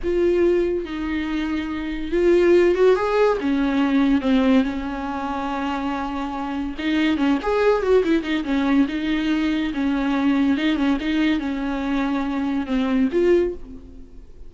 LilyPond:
\new Staff \with { instrumentName = "viola" } { \time 4/4 \tempo 4 = 142 f'2 dis'2~ | dis'4 f'4. fis'8 gis'4 | cis'2 c'4 cis'4~ | cis'1 |
dis'4 cis'8 gis'4 fis'8 e'8 dis'8 | cis'4 dis'2 cis'4~ | cis'4 dis'8 cis'8 dis'4 cis'4~ | cis'2 c'4 f'4 | }